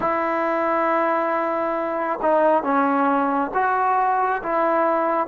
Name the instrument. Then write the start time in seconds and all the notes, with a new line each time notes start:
trombone
0.00 E4
2.21 D#4
2.63 C#4
3.53 F#4
4.42 E4